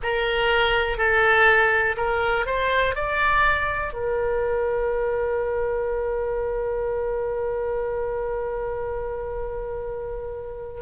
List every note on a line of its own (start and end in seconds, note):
0.02 0.97 A#4
0.97 1.96 A4
1.96 2.45 A#4
2.45 2.95 C5
2.95 3.93 D5
3.93 10.81 A#4